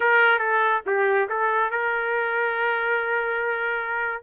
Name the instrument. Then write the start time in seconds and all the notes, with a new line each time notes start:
trumpet
0.00 A#4
0.38 A4
0.86 G4
1.29 A4
1.70 A#4